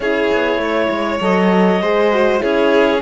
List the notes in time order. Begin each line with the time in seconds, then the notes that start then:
0.00 C#4 E4 G#4 C#5
0.32 B3
0.57 A3 C#5
0.89 G#3
1.20 F#3 A4 D#5
1.81 G#3 G#4 C5
2.12 F#4
2.39 C#4 E4 G#4 C#5